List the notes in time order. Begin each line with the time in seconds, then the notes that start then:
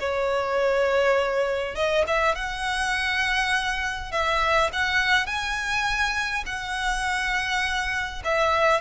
0.00 C#5
1.75 D#5
2.07 E5
2.35 F#5
4.11 E5
4.73 F#5
5.26 G#5
6.46 F#5
8.24 E5